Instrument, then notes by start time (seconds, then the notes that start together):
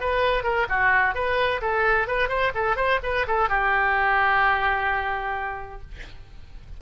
oboe
0.00 B4
0.43 A#4
0.69 F#4
1.14 B4
1.61 A4
2.08 B4
2.29 C5
2.55 A4
2.76 C5
3.03 B4
3.27 A4
3.49 G4